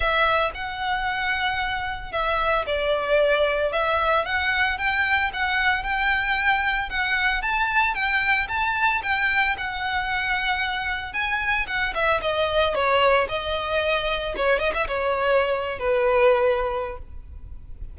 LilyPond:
\new Staff \with { instrumentName = "violin" } { \time 4/4 \tempo 4 = 113 e''4 fis''2. | e''4 d''2 e''4 | fis''4 g''4 fis''4 g''4~ | g''4 fis''4 a''4 g''4 |
a''4 g''4 fis''2~ | fis''4 gis''4 fis''8 e''8 dis''4 | cis''4 dis''2 cis''8 dis''16 e''16 | cis''4.~ cis''16 b'2~ b'16 | }